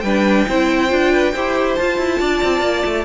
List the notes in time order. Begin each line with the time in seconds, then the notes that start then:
0.00 G3 D4 B4 G5
0.48 C4 E4 C5
0.88 D4 F4
1.12 B4
1.33 E4 G4 C5
1.75 F4 A5
1.97 E4
2.19 D4 D5
2.43 C4
2.61 A#3
2.85 A3